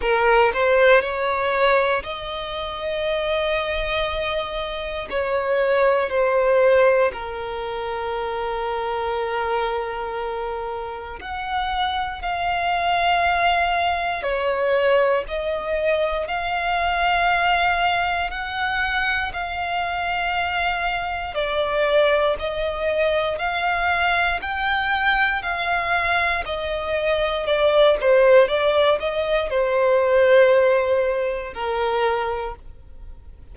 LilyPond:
\new Staff \with { instrumentName = "violin" } { \time 4/4 \tempo 4 = 59 ais'8 c''8 cis''4 dis''2~ | dis''4 cis''4 c''4 ais'4~ | ais'2. fis''4 | f''2 cis''4 dis''4 |
f''2 fis''4 f''4~ | f''4 d''4 dis''4 f''4 | g''4 f''4 dis''4 d''8 c''8 | d''8 dis''8 c''2 ais'4 | }